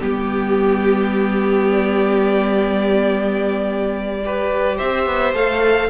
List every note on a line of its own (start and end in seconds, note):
0.00 4.79 G3
0.00 4.21 B3
0.00 4.21 G4
0.00 1.71 G4
1.71 4.79 D5
4.25 5.35 G4
4.25 4.77 B4
4.77 5.07 C4
4.77 5.89 C5
4.77 5.35 E5
5.07 5.34 B3
5.34 5.90 A3
5.34 5.91 A4
5.34 5.91 F5